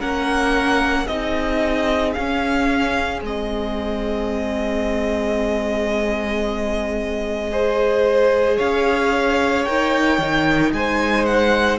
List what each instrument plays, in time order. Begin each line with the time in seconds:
0.00 cello A#3, viola C#4, violin A#4 F#5
1.04 cello C4, viola D#4, violin G#4 D#5
2.14 viola C#4, cello C#4, violin F5
3.22 cello G#3, viola C4, violin D#5
7.52 viola G#4, violin C5
8.57 cello C#4, violin C#5 F5
9.65 cello D#4, viola A#4, violin G5
10.19 cello D#3, viola D#4
10.73 cello G#3, violin C5 G#5
11.26 violin F#5